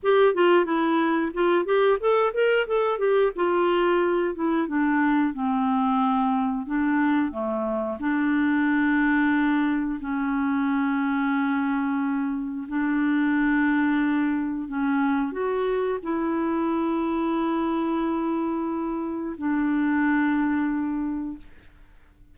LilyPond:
\new Staff \with { instrumentName = "clarinet" } { \time 4/4 \tempo 4 = 90 g'8 f'8 e'4 f'8 g'8 a'8 ais'8 | a'8 g'8 f'4. e'8 d'4 | c'2 d'4 a4 | d'2. cis'4~ |
cis'2. d'4~ | d'2 cis'4 fis'4 | e'1~ | e'4 d'2. | }